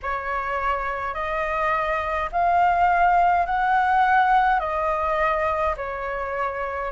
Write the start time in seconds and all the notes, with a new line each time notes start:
0.02 C#5
1.14 D#5
2.31 F5
3.46 F#5
4.59 D#5
5.76 C#5